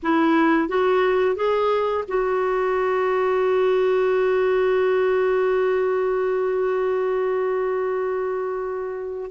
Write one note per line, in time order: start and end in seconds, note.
0.03 0.68 E4
0.68 1.35 F#4
1.35 2.04 G#4
2.08 9.30 F#4